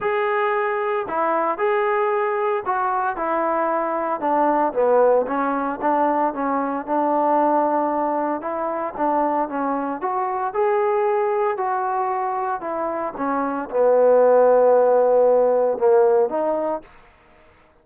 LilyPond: \new Staff \with { instrumentName = "trombone" } { \time 4/4 \tempo 4 = 114 gis'2 e'4 gis'4~ | gis'4 fis'4 e'2 | d'4 b4 cis'4 d'4 | cis'4 d'2. |
e'4 d'4 cis'4 fis'4 | gis'2 fis'2 | e'4 cis'4 b2~ | b2 ais4 dis'4 | }